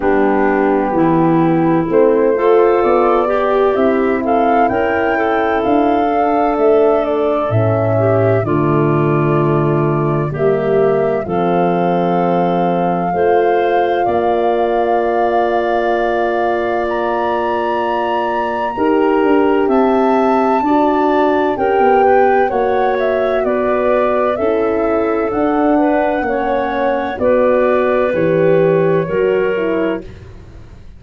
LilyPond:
<<
  \new Staff \with { instrumentName = "flute" } { \time 4/4 \tempo 4 = 64 g'2 c''4 d''4 | e''8 f''8 g''4 f''4 e''8 d''8 | e''4 d''2 e''4 | f''1~ |
f''2 ais''2~ | ais''4 a''2 g''4 | fis''8 e''8 d''4 e''4 fis''4~ | fis''4 d''4 cis''2 | }
  \new Staff \with { instrumentName = "clarinet" } { \time 4/4 d'4 e'4. a'4 g'8~ | g'8 a'8 ais'8 a'2~ a'8~ | a'8 g'8 f'2 g'4 | a'2 c''4 d''4~ |
d''1 | ais'4 e''4 d''4 ais'8 b'8 | cis''4 b'4 a'4. b'8 | cis''4 b'2 ais'4 | }
  \new Staff \with { instrumentName = "horn" } { \time 4/4 b2 c'8 f'4 g'8 | e'2~ e'8 d'4. | cis'4 a2 ais4 | c'2 f'2~ |
f'1 | g'2 fis'4 g'4 | fis'2 e'4 d'4 | cis'4 fis'4 g'4 fis'8 e'8 | }
  \new Staff \with { instrumentName = "tuba" } { \time 4/4 g4 e4 a4 b4 | c'4 cis'4 d'4 a4 | a,4 d2 g4 | f2 a4 ais4~ |
ais1 | dis'8 d'8 c'4 d'4 cis'16 b8. | ais4 b4 cis'4 d'4 | ais4 b4 e4 fis4 | }
>>